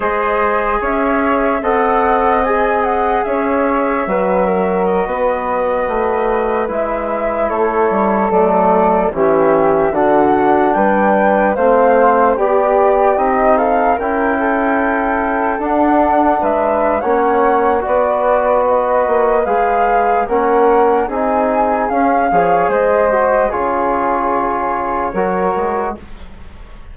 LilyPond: <<
  \new Staff \with { instrumentName = "flute" } { \time 4/4 \tempo 4 = 74 dis''4 e''4 fis''4 gis''8 fis''8 | e''2 dis''2~ | dis''16 e''4 cis''4 d''4 e''8.~ | e''16 fis''4 g''4 f''4 d''8.~ |
d''16 dis''8 f''8 g''2 fis''8.~ | fis''16 e''8. fis''4 d''4 dis''4 | f''4 fis''4 gis''4 f''4 | dis''4 cis''2. | }
  \new Staff \with { instrumentName = "flute" } { \time 4/4 c''4 cis''4 dis''2 | cis''4 b'8 ais'8. b'4.~ b'16~ | b'4~ b'16 a'2 g'8.~ | g'16 fis'4 b'4 c''4 g'8.~ |
g'8. a'8 ais'8 a'2~ a'16~ | a'16 b'8. cis''4 b'2~ | b'4 ais'4 gis'4. cis''8 | c''4 gis'2 ais'4 | }
  \new Staff \with { instrumentName = "trombone" } { \time 4/4 gis'2 a'4 gis'4~ | gis'4 fis'2.~ | fis'16 e'2 a4 cis'8.~ | cis'16 d'2 c'4 g'8.~ |
g'16 dis'4 e'2 d'8.~ | d'4 cis'4 fis'2 | gis'4 cis'4 dis'4 cis'8 gis'8~ | gis'8 fis'8 f'2 fis'4 | }
  \new Staff \with { instrumentName = "bassoon" } { \time 4/4 gis4 cis'4 c'2 | cis'4 fis4~ fis16 b4 a8.~ | a16 gis4 a8 g8 fis4 e8.~ | e16 d4 g4 a4 b8.~ |
b16 c'4 cis'2 d'8.~ | d'16 gis8. ais4 b4. ais8 | gis4 ais4 c'4 cis'8 f8 | gis4 cis2 fis8 gis8 | }
>>